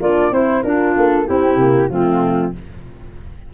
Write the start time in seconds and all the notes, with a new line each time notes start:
0.00 A#3 D4 F4 D5
0.31 C4 E4 C5
0.62 D4 F4 A#4
0.96 A#3 A4
1.26 C4 E4 G4
1.56 C3 A#3
1.89 F3 A3 C4 F4